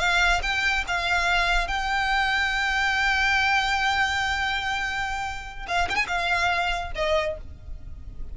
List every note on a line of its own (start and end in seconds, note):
0.00 0.42 F5
0.43 0.85 G5
0.88 1.68 F5
1.68 5.67 G5
5.68 5.89 F5
5.90 5.96 G5
5.96 6.06 G#5
6.08 6.92 F5
6.96 7.38 D#5